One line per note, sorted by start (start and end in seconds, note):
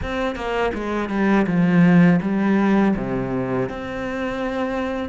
0.02 0.35 C4
0.35 0.72 A#3
0.74 1.09 G#3
1.09 1.46 G3
1.46 2.20 F3
2.21 2.94 G3
2.96 3.69 C3
3.69 5.09 C4